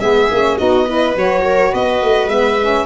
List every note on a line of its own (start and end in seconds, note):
0.00 0.29 G#3
0.00 0.30 B3
0.00 0.57 G#4
0.00 0.57 E5
0.31 0.59 A#3
0.31 0.58 C#4
0.57 1.15 B3
0.57 0.87 D#4
0.57 0.85 F#4
0.57 1.15 D#5
0.85 1.15 E4
0.85 1.42 B4
1.15 1.72 F#3
1.15 2.29 F#4
1.15 1.74 C#5
1.44 1.72 A#4
1.72 2.02 B3
1.72 2.86 B4
1.72 2.29 D#5
2.02 2.26 A3
2.26 2.83 G#3
2.26 2.58 B3
2.26 2.86 E5
2.61 2.86 C#4